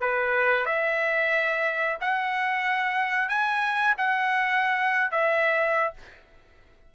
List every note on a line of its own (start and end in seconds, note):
0.00 0.65 B4
0.65 1.97 E5
2.00 3.28 F#5
3.28 3.94 G#5
3.97 5.11 F#5
5.11 5.93 E5